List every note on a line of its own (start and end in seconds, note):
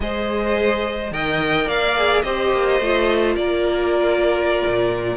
0.00 1.11 G#3
0.00 1.12 G#4
0.00 1.13 C5
0.00 1.12 D#5
1.11 1.66 D#3
1.11 1.96 A#4
1.11 1.66 D#5
1.11 1.68 G5
1.66 2.22 A#3
1.66 2.22 D5
1.66 2.22 F5
1.96 2.24 G#4
2.22 2.51 C4
2.22 2.81 G4
2.22 3.36 C5
2.22 3.34 D#5
2.51 2.79 A#3
2.80 3.36 A3
2.80 5.17 F4
3.36 4.62 A#3
3.36 5.17 A#4
3.36 5.17 D5
4.66 5.17 A#2